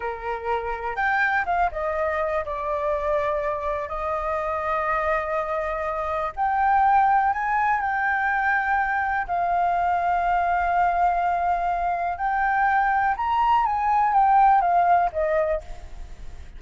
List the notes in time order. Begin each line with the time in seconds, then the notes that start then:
0.00 A#4
0.95 G5
1.45 F5
1.71 D#5
2.45 D5
3.88 D#5
6.35 G5
7.33 G#5
7.80 G5
9.27 F5
12.17 G5
13.17 A#5
13.65 G#5
14.13 G5
14.61 F5
15.12 D#5